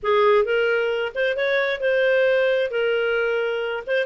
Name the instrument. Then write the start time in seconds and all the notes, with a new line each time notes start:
clarinet
0.02 G#4
0.44 A#4
1.15 C5
1.36 C#5
1.80 C5
2.70 A#4
3.86 C5